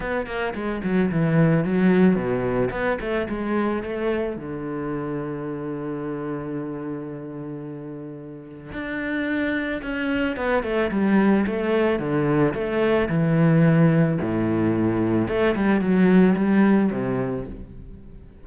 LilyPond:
\new Staff \with { instrumentName = "cello" } { \time 4/4 \tempo 4 = 110 b8 ais8 gis8 fis8 e4 fis4 | b,4 b8 a8 gis4 a4 | d1~ | d1 |
d'2 cis'4 b8 a8 | g4 a4 d4 a4 | e2 a,2 | a8 g8 fis4 g4 c4 | }